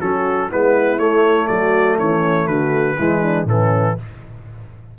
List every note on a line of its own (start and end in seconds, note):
0.00 0.51 F#3
0.00 0.50 C#4
0.00 0.49 F#4
0.00 0.50 A4
0.49 0.98 G#3
0.49 0.98 B3
0.49 1.48 E4
0.49 0.99 B4
0.98 1.47 A3
0.98 2.97 A3
0.98 1.47 C#5
1.47 1.98 F#3
1.47 1.97 F#4
1.47 1.97 D5
1.97 2.47 E3
1.97 2.47 C#4
1.97 2.47 C#5
2.47 2.96 D3
2.47 2.96 F#4
2.47 3.46 B4
2.98 3.44 E3
2.98 3.47 G#3
2.98 3.22 E4
3.22 3.46 D4
3.44 3.94 A2
3.44 3.97 E3
3.44 3.97 C#4
3.44 3.98 A4